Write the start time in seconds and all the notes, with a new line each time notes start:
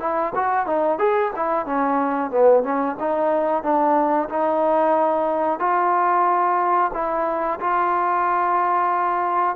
0.00 E4
0.35 F#4
0.67 D#4
0.99 G#4
1.36 E4
1.66 C#4
2.31 B3
2.63 C#4
2.99 D#4
3.63 D4
4.29 D#4
5.59 F4
6.94 E4
7.60 F4